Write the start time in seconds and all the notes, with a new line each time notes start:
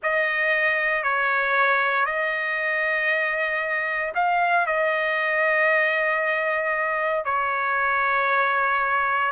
0.02 D#5
1.03 C#5
2.05 D#5
4.14 F5
4.66 D#5
7.24 C#5